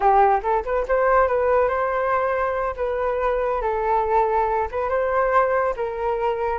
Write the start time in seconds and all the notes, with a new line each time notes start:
0.00 G4
0.42 A4
0.64 B4
0.88 C5
1.27 B4
1.68 C5
2.76 B4
3.61 A4
4.71 B4
4.89 C5
5.76 A#4